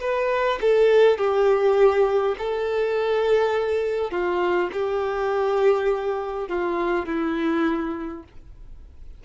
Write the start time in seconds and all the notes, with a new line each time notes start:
0.00 B4
0.61 A4
1.18 G4
2.38 A4
4.11 F4
4.73 G4
6.48 F4
7.06 E4